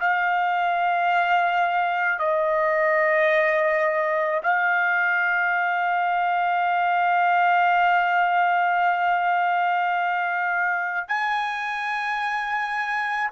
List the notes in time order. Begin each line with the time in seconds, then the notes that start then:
0.00 F5
2.19 D#5
4.43 F5
11.08 G#5